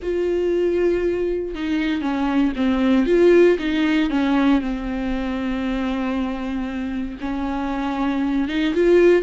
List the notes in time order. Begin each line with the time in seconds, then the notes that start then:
0.02 F4
1.55 D#4
2.01 C#4
2.56 C4
3.06 F4
3.58 D#4
4.10 C#4
4.61 C4
7.21 C#4
8.48 D#4
8.74 F4